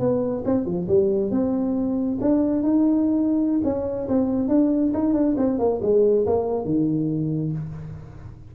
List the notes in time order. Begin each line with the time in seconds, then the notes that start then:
0.00 B3
0.46 C4
0.66 F3
0.88 G3
1.31 C4
2.21 D4
2.63 D#4
3.64 C#4
4.09 C4
4.49 D4
4.94 D#4
5.14 D4
5.38 C4
5.59 A#3
5.82 G#3
6.27 A#3
6.65 D#3